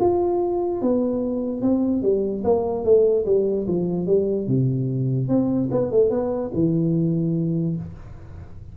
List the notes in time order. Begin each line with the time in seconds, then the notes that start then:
0.00 F4
0.81 B3
1.62 C4
2.02 G3
2.44 A#3
2.84 A3
3.26 G3
3.67 F3
4.06 G3
4.47 C3
5.28 C4
5.71 B3
5.91 A3
6.10 B3
6.54 E3